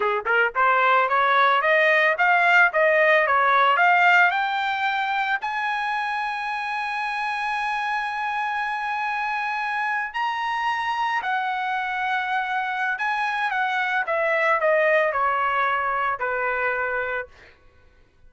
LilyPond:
\new Staff \with { instrumentName = "trumpet" } { \time 4/4 \tempo 4 = 111 gis'8 ais'8 c''4 cis''4 dis''4 | f''4 dis''4 cis''4 f''4 | g''2 gis''2~ | gis''1~ |
gis''2~ gis''8. ais''4~ ais''16~ | ais''8. fis''2.~ fis''16 | gis''4 fis''4 e''4 dis''4 | cis''2 b'2 | }